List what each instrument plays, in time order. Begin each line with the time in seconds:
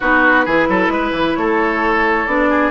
0.00 bassoon B3, clarinet D#4, oboe F#4, flute B4
0.45 bassoon E3, clarinet E4, oboe G#4
0.68 bassoon F#3, oboe A4
0.88 bassoon G#3, oboe B4
1.11 bassoon E3
1.35 bassoon A3, oboe A4, flute C#5
2.26 bassoon B3, clarinet D4, flute D5
2.49 oboe G#4